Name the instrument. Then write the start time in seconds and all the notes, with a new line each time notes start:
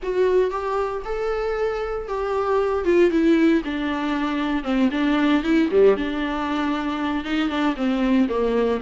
viola
0.02 F#4
0.50 G4
1.04 A4
2.08 G4
2.84 F4
3.10 E4
3.64 D4
4.63 C4
4.91 D4
5.43 E4
5.71 G3
5.96 D4
7.24 D#4
7.49 D4
7.76 C4
8.28 A#3